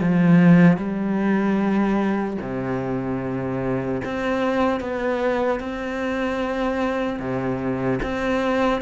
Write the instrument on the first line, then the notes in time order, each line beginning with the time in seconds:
cello
0.00 F3
0.77 G3
2.41 C3
4.04 C4
4.80 B3
5.60 C4
7.19 C3
8.03 C4